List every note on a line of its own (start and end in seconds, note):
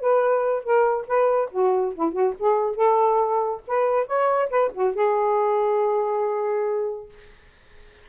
0.00 0.64 B4
0.64 1.06 A#4
1.07 1.50 B4
1.51 1.94 F#4
1.95 2.13 E4
2.13 2.34 F#4
2.39 2.76 G#4
2.76 3.61 A4
3.67 4.07 B4
4.07 4.49 C#5
4.50 4.71 B4
4.74 4.95 F#4
4.95 7.09 G#4